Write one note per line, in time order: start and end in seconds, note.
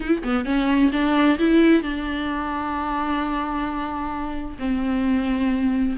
0.00 0.22 E4
0.23 0.45 B3
0.45 0.91 C#4
0.92 1.38 D4
1.39 1.82 E4
1.82 4.57 D4
4.58 5.96 C4